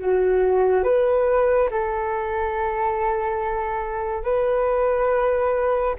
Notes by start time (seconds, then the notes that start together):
0.00 F#4
0.83 B4
1.71 A4
4.24 B4